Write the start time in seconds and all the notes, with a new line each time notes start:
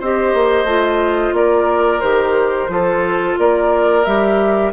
0.00 C4 G4 C5 D#5
0.34 A#3
0.64 A3 F4
1.33 A#3 A#4 D5
2.01 D#3 G4 C5
2.68 F3 F4 A4
3.39 A#3 A#4 D5
4.05 G3 G4 E5